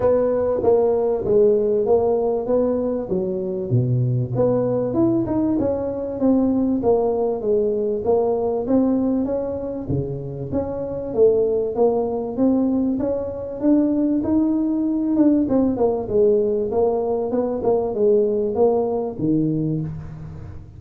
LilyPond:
\new Staff \with { instrumentName = "tuba" } { \time 4/4 \tempo 4 = 97 b4 ais4 gis4 ais4 | b4 fis4 b,4 b4 | e'8 dis'8 cis'4 c'4 ais4 | gis4 ais4 c'4 cis'4 |
cis4 cis'4 a4 ais4 | c'4 cis'4 d'4 dis'4~ | dis'8 d'8 c'8 ais8 gis4 ais4 | b8 ais8 gis4 ais4 dis4 | }